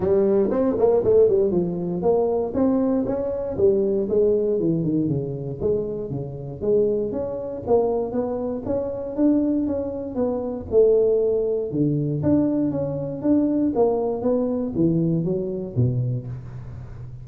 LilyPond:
\new Staff \with { instrumentName = "tuba" } { \time 4/4 \tempo 4 = 118 g4 c'8 ais8 a8 g8 f4 | ais4 c'4 cis'4 g4 | gis4 e8 dis8 cis4 gis4 | cis4 gis4 cis'4 ais4 |
b4 cis'4 d'4 cis'4 | b4 a2 d4 | d'4 cis'4 d'4 ais4 | b4 e4 fis4 b,4 | }